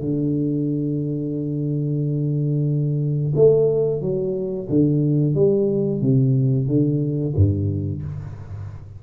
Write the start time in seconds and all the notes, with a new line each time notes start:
0.00 D3
3.35 A3
4.01 F#3
4.69 D3
5.35 G3
6.01 C3
6.67 D3
7.36 G2